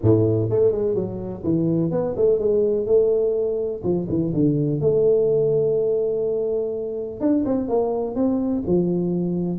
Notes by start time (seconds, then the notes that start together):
0.02 A2
0.49 A3
0.71 G#3
0.94 F#3
1.43 E3
1.91 B3
2.16 A3
2.38 G#3
2.85 A3
3.83 F3
4.09 E3
4.33 D3
4.80 A3
7.20 D4
7.45 C4
7.68 A#3
8.15 C4
8.66 F3